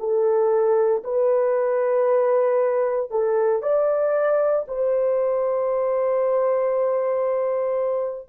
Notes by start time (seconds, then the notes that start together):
0.00 A4
1.04 B4
3.11 A4
3.63 D5
4.68 C5